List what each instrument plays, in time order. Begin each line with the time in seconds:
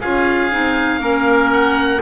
0.00 double bass C#4, clarinet F4, oboe G#4 F5
0.51 double bass C4, clarinet D#4
0.99 double bass A#3, clarinet C#4, oboe A#4
1.52 oboe F#5